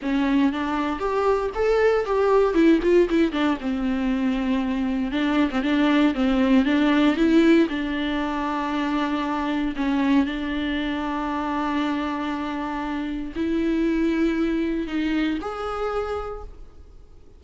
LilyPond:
\new Staff \with { instrumentName = "viola" } { \time 4/4 \tempo 4 = 117 cis'4 d'4 g'4 a'4 | g'4 e'8 f'8 e'8 d'8 c'4~ | c'2 d'8. c'16 d'4 | c'4 d'4 e'4 d'4~ |
d'2. cis'4 | d'1~ | d'2 e'2~ | e'4 dis'4 gis'2 | }